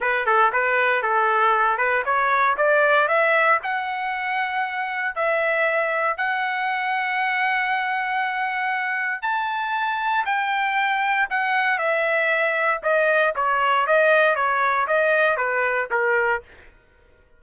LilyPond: \new Staff \with { instrumentName = "trumpet" } { \time 4/4 \tempo 4 = 117 b'8 a'8 b'4 a'4. b'8 | cis''4 d''4 e''4 fis''4~ | fis''2 e''2 | fis''1~ |
fis''2 a''2 | g''2 fis''4 e''4~ | e''4 dis''4 cis''4 dis''4 | cis''4 dis''4 b'4 ais'4 | }